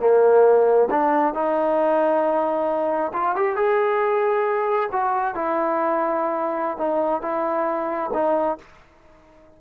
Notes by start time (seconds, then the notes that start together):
0.00 A#3
0.91 D4
1.34 D#4
3.14 F4
3.36 G4
3.57 G#4
4.92 F#4
5.35 E4
6.78 D#4
7.22 E4
8.14 D#4